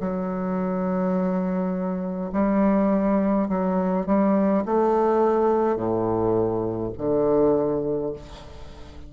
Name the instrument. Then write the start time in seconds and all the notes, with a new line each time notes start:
bassoon
0.00 F#3
2.32 G3
3.48 F#3
4.05 G3
4.65 A3
5.76 A2
6.97 D3